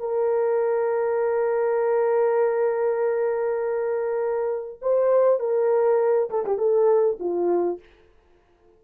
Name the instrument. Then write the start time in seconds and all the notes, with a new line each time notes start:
horn
0.00 A#4
4.82 C5
5.40 A#4
6.30 A4
6.46 G4
6.58 A4
7.19 F4